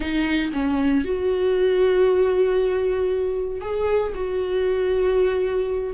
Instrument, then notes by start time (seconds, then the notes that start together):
viola
0.00 D#4
0.52 C#4
1.04 F#4
3.60 G#4
4.14 F#4